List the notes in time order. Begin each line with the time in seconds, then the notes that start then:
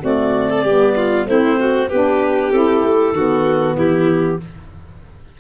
0.00 A3 C4 F#4 D5
0.50 A4
0.64 G3 B3 G4
0.96 F4
1.26 A3 C4 E4 C5
1.60 F#4
1.89 B3 D4 G4 B4
2.52 C4 E4 A4
2.83 A3
3.12 D#3 B3 F#4
3.75 E3 E4 G4